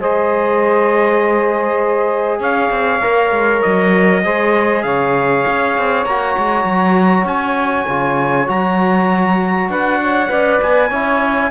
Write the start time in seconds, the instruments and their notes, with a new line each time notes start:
0.00 cello G#3, trombone G#4, saxophone C5, trumpet D#5
2.40 cello C#4, saxophone C#5, trumpet F5
2.70 cello C4
3.01 cello A#3, trombone A#4
3.31 cello G#3
3.62 cello F#3, trumpet D#5
4.24 cello G#3, trombone G#4, saxophone C5
4.83 cello C#3, saxophone C#5, trumpet F5
5.47 cello C#4
5.78 cello C4
6.05 cello A#3, trombone F#4, trumpet A#5
6.38 cello G#3
6.65 cello F#3
7.24 cello C#4, trumpet G#5
7.87 cello C#3, trombone F4
8.47 cello F#3, trombone F#4, trumpet A#5
9.69 cello D4, saxophone B4, trumpet F#5
10.01 saxophone C#5
10.28 cello C#4, trombone B4, saxophone D5
10.62 cello B3, trumpet G#5
10.88 cello C#4, trombone E4, saxophone C#5